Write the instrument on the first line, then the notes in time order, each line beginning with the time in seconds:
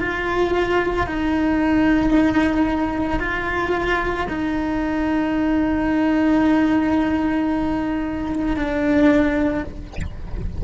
cello
0.00 F4
1.07 D#4
3.20 F4
4.29 D#4
8.57 D4